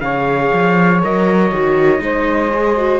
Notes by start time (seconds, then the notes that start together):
0.00 C#3 G#4 C#5 F5
0.53 F3
1.02 F#3 A#4 D#5
1.52 D#3 F#4
1.98 G#3 D#4 C5
2.54 G#4
2.76 F#4